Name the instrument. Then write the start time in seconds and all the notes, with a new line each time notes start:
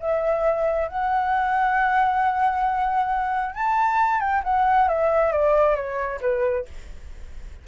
flute
0.00 E5
0.88 F#5
3.55 A5
4.20 G5
4.44 F#5
4.88 E5
5.32 D5
5.76 C#5
6.21 B4